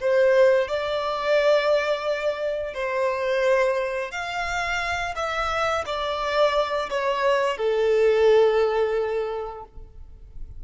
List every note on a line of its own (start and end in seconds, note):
0.00 0.68 C5
0.68 2.74 D5
2.74 4.11 C5
4.11 5.14 F5
5.15 5.84 E5
5.86 6.89 D5
6.90 7.57 C#5
7.57 9.64 A4